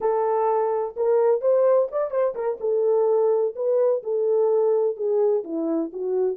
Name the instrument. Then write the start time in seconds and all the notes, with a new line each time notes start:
horn
0.00 A4
0.96 A#4
1.41 C5
1.91 D5
2.10 C5
2.35 A#4
2.60 A4
3.55 B4
4.03 A4
4.96 G#4
5.44 E4
5.92 F#4